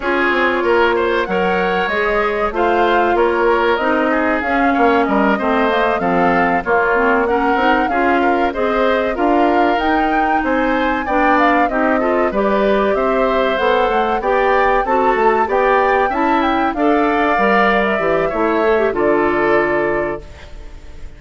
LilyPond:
<<
  \new Staff \with { instrumentName = "flute" } { \time 4/4 \tempo 4 = 95 cis''2 fis''4 dis''4 | f''4 cis''4 dis''4 f''4 | dis''4. f''4 cis''4 fis''8~ | fis''8 f''4 dis''4 f''4 g''8~ |
g''8 gis''4 g''8 f''8 dis''4 d''8~ | d''8 e''4 fis''4 g''4 a''8~ | a''8 g''4 a''8 g''8 f''4.~ | f''16 e''4.~ e''16 d''2 | }
  \new Staff \with { instrumentName = "oboe" } { \time 4/4 gis'4 ais'8 c''8 cis''2 | c''4 ais'4. gis'4 cis''8 | ais'8 c''4 a'4 f'4 ais'8~ | ais'8 gis'8 ais'8 c''4 ais'4.~ |
ais'8 c''4 d''4 g'8 a'8 b'8~ | b'8 c''2 d''4 a'8~ | a'8 d''4 e''4 d''4.~ | d''4 cis''4 a'2 | }
  \new Staff \with { instrumentName = "clarinet" } { \time 4/4 f'2 ais'4 gis'4 | f'2 dis'4 cis'4~ | cis'8 c'8 ais8 c'4 ais8 c'8 cis'8 | dis'8 f'4 gis'4 f'4 dis'8~ |
dis'4. d'4 dis'8 f'8 g'8~ | g'4. a'4 g'4 fis'8~ | fis'8 g'4 e'4 a'4 ais'8~ | ais'8 g'8 e'8 a'16 g'16 f'2 | }
  \new Staff \with { instrumentName = "bassoon" } { \time 4/4 cis'8 c'8 ais4 fis4 gis4 | a4 ais4 c'4 cis'8 ais8 | g8 a4 f4 ais4. | c'8 cis'4 c'4 d'4 dis'8~ |
dis'8 c'4 b4 c'4 g8~ | g8 c'4 b8 a8 b4 c'8 | a8 b4 cis'4 d'4 g8~ | g8 e8 a4 d2 | }
>>